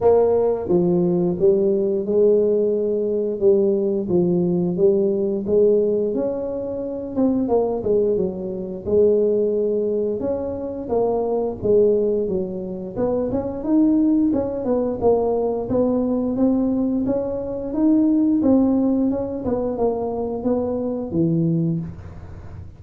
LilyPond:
\new Staff \with { instrumentName = "tuba" } { \time 4/4 \tempo 4 = 88 ais4 f4 g4 gis4~ | gis4 g4 f4 g4 | gis4 cis'4. c'8 ais8 gis8 | fis4 gis2 cis'4 |
ais4 gis4 fis4 b8 cis'8 | dis'4 cis'8 b8 ais4 b4 | c'4 cis'4 dis'4 c'4 | cis'8 b8 ais4 b4 e4 | }